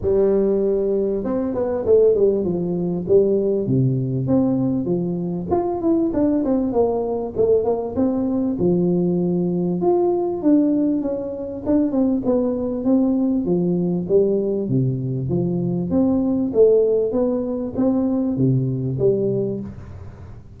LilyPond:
\new Staff \with { instrumentName = "tuba" } { \time 4/4 \tempo 4 = 98 g2 c'8 b8 a8 g8 | f4 g4 c4 c'4 | f4 f'8 e'8 d'8 c'8 ais4 | a8 ais8 c'4 f2 |
f'4 d'4 cis'4 d'8 c'8 | b4 c'4 f4 g4 | c4 f4 c'4 a4 | b4 c'4 c4 g4 | }